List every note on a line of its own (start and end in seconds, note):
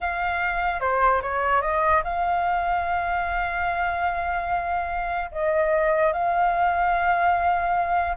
0.00 0.80 F5
0.80 1.21 C5
1.22 1.61 C#5
1.61 2.02 D#5
2.04 5.30 F5
5.31 6.12 D#5
6.12 8.17 F5